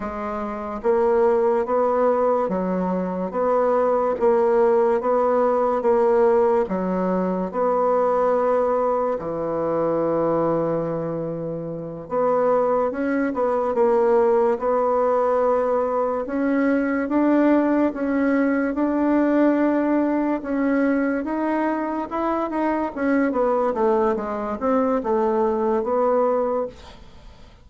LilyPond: \new Staff \with { instrumentName = "bassoon" } { \time 4/4 \tempo 4 = 72 gis4 ais4 b4 fis4 | b4 ais4 b4 ais4 | fis4 b2 e4~ | e2~ e8 b4 cis'8 |
b8 ais4 b2 cis'8~ | cis'8 d'4 cis'4 d'4.~ | d'8 cis'4 dis'4 e'8 dis'8 cis'8 | b8 a8 gis8 c'8 a4 b4 | }